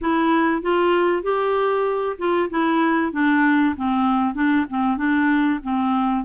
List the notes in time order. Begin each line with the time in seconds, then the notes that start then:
0.01 E4
0.62 F4
1.22 G4
2.18 F4
2.50 E4
3.12 D4
3.76 C4
4.34 D4
4.69 C4
4.97 D4
5.62 C4